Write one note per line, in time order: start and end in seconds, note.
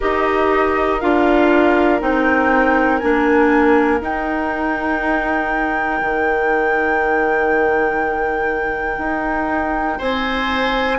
0.00 1.02 D#4
0.00 1.00 G4
0.00 9.98 A#4
0.00 1.00 D#5
1.00 2.01 D4
1.00 1.99 F4
1.00 2.00 F5
1.99 3.01 C4
1.99 2.99 D#4
1.99 2.99 G5
2.99 4.00 A#3
2.99 3.99 D4
2.99 3.99 G#5
3.99 10.99 D#4
3.99 6.00 D#4
3.99 10.00 G5
6.01 8.97 D#3
8.97 9.97 D#4
9.98 10.99 C4
9.98 10.98 C5
9.98 10.99 G#5